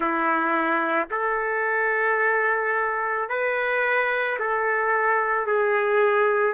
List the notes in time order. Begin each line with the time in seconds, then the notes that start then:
0.00 E4
1.11 A4
3.29 B4
4.39 A4
5.46 G#4